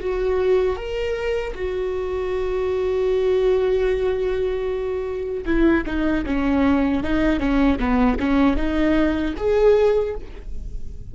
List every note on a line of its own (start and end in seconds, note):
0.00 0.77 F#4
0.77 1.54 A#4
1.55 5.45 F#4
5.46 5.85 E4
5.86 6.25 D#4
6.26 7.03 C#4
7.03 7.40 D#4
7.40 7.79 C#4
7.79 8.18 B3
8.20 8.56 C#4
8.56 9.34 D#4
9.37 10.15 G#4